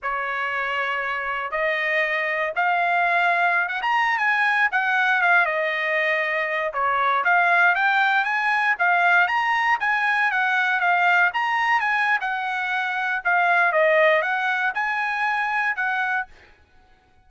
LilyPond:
\new Staff \with { instrumentName = "trumpet" } { \time 4/4 \tempo 4 = 118 cis''2. dis''4~ | dis''4 f''2~ f''16 fis''16 ais''8~ | ais''16 gis''4 fis''4 f''8 dis''4~ dis''16~ | dis''4~ dis''16 cis''4 f''4 g''8.~ |
g''16 gis''4 f''4 ais''4 gis''8.~ | gis''16 fis''4 f''4 ais''4 gis''8. | fis''2 f''4 dis''4 | fis''4 gis''2 fis''4 | }